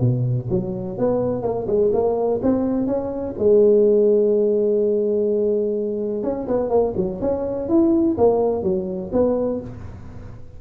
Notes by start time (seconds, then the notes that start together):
0.00 B2
0.50 F#3
0.98 B3
1.42 A#3
1.67 G#3
1.93 A#3
2.42 C4
2.86 C#4
3.38 G#3
6.23 C#4
6.47 B3
6.69 A#3
6.96 F#3
7.21 C#4
7.69 E4
8.18 A#3
8.63 F#3
9.12 B3